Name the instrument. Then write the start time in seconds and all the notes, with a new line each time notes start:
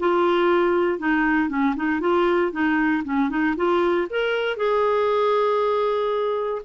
clarinet
0.00 F4
0.99 D#4
1.50 C#4
1.76 D#4
2.01 F4
2.52 D#4
3.04 C#4
3.30 D#4
3.57 F4
4.10 A#4
4.57 G#4